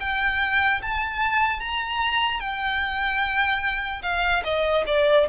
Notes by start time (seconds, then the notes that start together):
0.00 G5
0.82 A5
1.60 A#5
2.40 G5
4.02 F5
4.44 D#5
4.86 D5